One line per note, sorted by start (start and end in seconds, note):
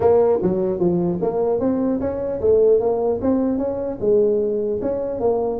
0.00 0.39 A#3
0.42 0.79 F#3
0.79 1.19 F3
1.21 1.59 A#3
1.59 1.99 C4
2.00 2.40 C#4
2.40 2.79 A3
2.79 3.19 A#3
3.21 3.58 C4
3.58 3.98 C#4
4.00 4.80 G#3
4.81 5.20 C#4
5.20 5.60 A#3